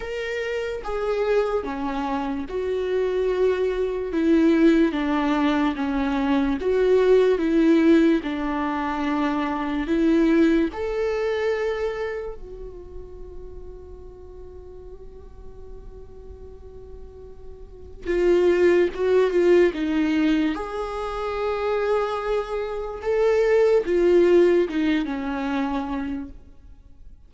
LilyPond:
\new Staff \with { instrumentName = "viola" } { \time 4/4 \tempo 4 = 73 ais'4 gis'4 cis'4 fis'4~ | fis'4 e'4 d'4 cis'4 | fis'4 e'4 d'2 | e'4 a'2 fis'4~ |
fis'1~ | fis'2 f'4 fis'8 f'8 | dis'4 gis'2. | a'4 f'4 dis'8 cis'4. | }